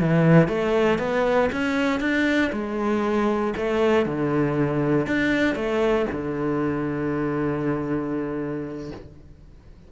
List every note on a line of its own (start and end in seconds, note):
0.00 0.48 E3
0.48 0.99 A3
0.99 1.50 B3
1.52 2.00 C#4
2.00 2.51 D4
2.52 3.54 G#3
3.57 4.06 A3
4.06 5.07 D3
5.07 5.56 D4
5.56 6.06 A3
6.12 8.92 D3